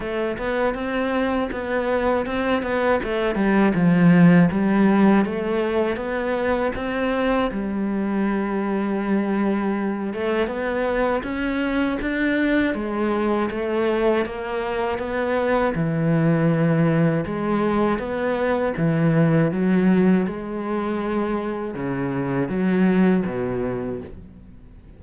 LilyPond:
\new Staff \with { instrumentName = "cello" } { \time 4/4 \tempo 4 = 80 a8 b8 c'4 b4 c'8 b8 | a8 g8 f4 g4 a4 | b4 c'4 g2~ | g4. a8 b4 cis'4 |
d'4 gis4 a4 ais4 | b4 e2 gis4 | b4 e4 fis4 gis4~ | gis4 cis4 fis4 b,4 | }